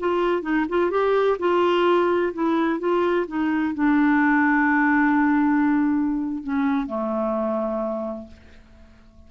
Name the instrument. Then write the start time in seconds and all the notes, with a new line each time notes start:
clarinet
0.00 F4
0.42 D#4
0.69 F4
0.91 G4
1.39 F4
2.34 E4
2.79 F4
3.27 D#4
3.74 D4
6.44 C#4
6.87 A3